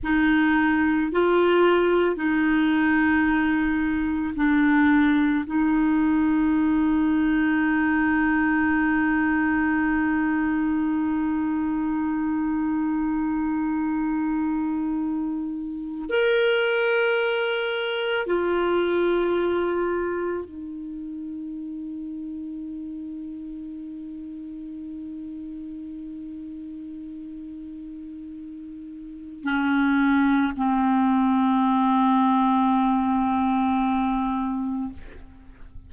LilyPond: \new Staff \with { instrumentName = "clarinet" } { \time 4/4 \tempo 4 = 55 dis'4 f'4 dis'2 | d'4 dis'2.~ | dis'1~ | dis'2~ dis'8. ais'4~ ais'16~ |
ais'8. f'2 dis'4~ dis'16~ | dis'1~ | dis'2. cis'4 | c'1 | }